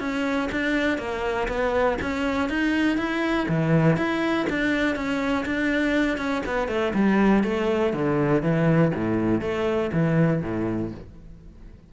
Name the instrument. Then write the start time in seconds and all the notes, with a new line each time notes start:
cello
0.00 C#4
0.52 D4
0.98 A#3
1.48 B3
2.02 C#4
2.49 D#4
2.98 E4
3.48 E3
3.97 E4
4.50 D4
4.96 C#4
5.46 D4
6.18 C#4
6.46 B3
6.68 A3
6.94 G3
7.44 A3
7.94 D3
8.42 E3
8.95 A2
9.41 A3
9.93 E3
10.42 A2